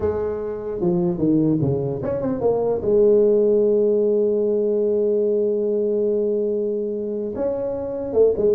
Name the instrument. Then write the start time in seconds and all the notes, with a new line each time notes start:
tuba
0.00 G#3
0.80 F3
1.18 D#3
1.61 C#3
2.02 C#4
2.21 C4
2.41 A#3
2.81 G#3
7.35 C#4
8.13 A3
8.37 G#3